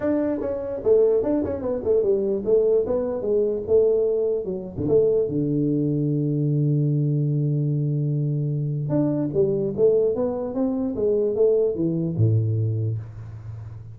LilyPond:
\new Staff \with { instrumentName = "tuba" } { \time 4/4 \tempo 4 = 148 d'4 cis'4 a4 d'8 cis'8 | b8 a8 g4 a4 b4 | gis4 a2 fis8. d16 | a4 d2.~ |
d1~ | d2 d'4 g4 | a4 b4 c'4 gis4 | a4 e4 a,2 | }